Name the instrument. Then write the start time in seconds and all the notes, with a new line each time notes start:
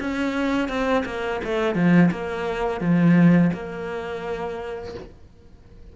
cello
0.00 C#4
0.68 C4
1.05 A#3
1.44 A3
1.74 F3
2.10 A#3
2.80 F3
3.53 A#3